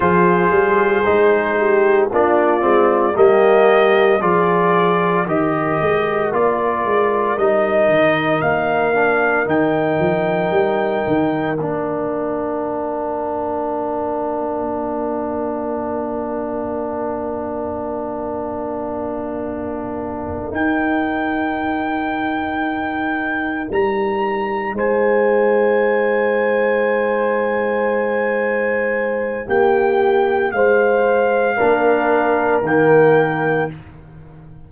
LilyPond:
<<
  \new Staff \with { instrumentName = "trumpet" } { \time 4/4 \tempo 4 = 57 c''2 d''4 dis''4 | d''4 dis''4 d''4 dis''4 | f''4 g''2 f''4~ | f''1~ |
f''2.~ f''8 g''8~ | g''2~ g''8 ais''4 gis''8~ | gis''1 | g''4 f''2 g''4 | }
  \new Staff \with { instrumentName = "horn" } { \time 4/4 gis'4. g'8 f'4 g'4 | gis'4 ais'2.~ | ais'1~ | ais'1~ |
ais'1~ | ais'2.~ ais'8 c''8~ | c''1 | g'4 c''4 ais'2 | }
  \new Staff \with { instrumentName = "trombone" } { \time 4/4 f'4 dis'4 d'8 c'8 ais4 | f'4 g'4 f'4 dis'4~ | dis'8 d'8 dis'2 d'4~ | d'1~ |
d'2.~ d'8 dis'8~ | dis'1~ | dis'1~ | dis'2 d'4 ais4 | }
  \new Staff \with { instrumentName = "tuba" } { \time 4/4 f8 g8 gis4 ais8 gis8 g4 | f4 dis8 gis8 ais8 gis8 g8 dis8 | ais4 dis8 f8 g8 dis8 ais4~ | ais1~ |
ais2.~ ais8 dis'8~ | dis'2~ dis'8 g4 gis8~ | gis1 | ais4 gis4 ais4 dis4 | }
>>